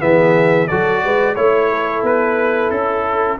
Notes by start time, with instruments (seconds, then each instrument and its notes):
0.00 tuba E3, trombone B3, horn G#4, trumpet E5
0.68 tuba F#3, trombone F#4, horn A4, trumpet D5
1.04 tuba G#3, horn B4
1.35 tuba A3, trombone E4, horn C#5, trumpet C#5
1.71 horn A4
2.03 tuba B3, trumpet B4
2.70 tuba C#4, trumpet A4